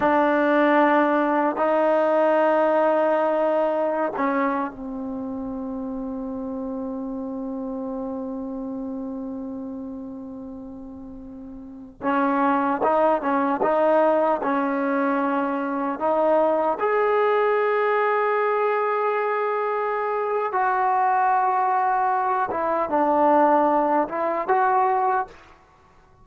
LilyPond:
\new Staff \with { instrumentName = "trombone" } { \time 4/4 \tempo 4 = 76 d'2 dis'2~ | dis'4~ dis'16 cis'8. c'2~ | c'1~ | c'2.~ c'16 cis'8.~ |
cis'16 dis'8 cis'8 dis'4 cis'4.~ cis'16~ | cis'16 dis'4 gis'2~ gis'8.~ | gis'2 fis'2~ | fis'8 e'8 d'4. e'8 fis'4 | }